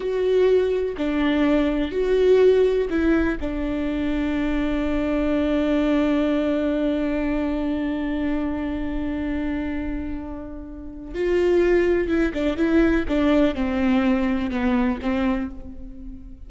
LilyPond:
\new Staff \with { instrumentName = "viola" } { \time 4/4 \tempo 4 = 124 fis'2 d'2 | fis'2 e'4 d'4~ | d'1~ | d'1~ |
d'1~ | d'2. f'4~ | f'4 e'8 d'8 e'4 d'4 | c'2 b4 c'4 | }